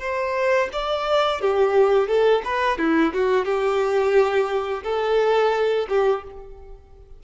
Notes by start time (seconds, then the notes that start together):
0.00 C5
0.72 D5
1.41 G4
2.08 A4
2.45 B4
2.78 E4
3.13 F#4
3.45 G4
4.83 A4
5.89 G4